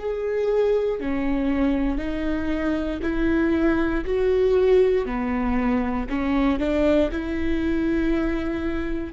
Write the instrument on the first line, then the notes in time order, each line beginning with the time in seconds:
viola
0.00 G#4
1.01 C#4
1.99 D#4
3.03 E4
4.05 F#4
5.06 B3
6.10 C#4
6.60 D4
7.12 E4